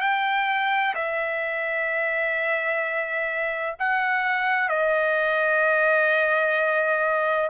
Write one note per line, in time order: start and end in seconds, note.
0.00 0.94 G5
0.95 3.76 E5
3.79 4.68 F#5
4.68 7.50 D#5